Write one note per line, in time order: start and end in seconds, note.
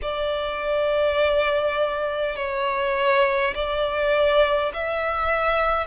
0.02 2.36 D5
2.36 3.53 C#5
3.55 4.72 D5
4.73 5.87 E5